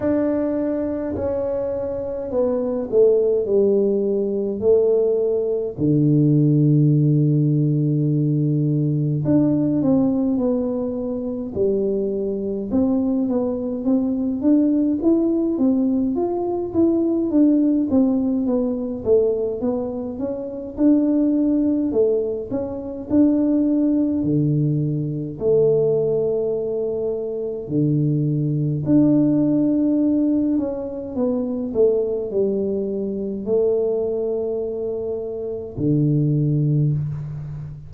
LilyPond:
\new Staff \with { instrumentName = "tuba" } { \time 4/4 \tempo 4 = 52 d'4 cis'4 b8 a8 g4 | a4 d2. | d'8 c'8 b4 g4 c'8 b8 | c'8 d'8 e'8 c'8 f'8 e'8 d'8 c'8 |
b8 a8 b8 cis'8 d'4 a8 cis'8 | d'4 d4 a2 | d4 d'4. cis'8 b8 a8 | g4 a2 d4 | }